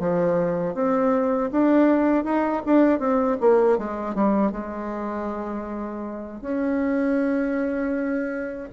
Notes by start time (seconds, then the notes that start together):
0.00 F3
0.75 C4
1.52 D4
2.25 D#4
2.66 D4
2.99 C4
3.41 A#3
3.78 G#3
4.15 G3
4.52 G#3
6.41 C#4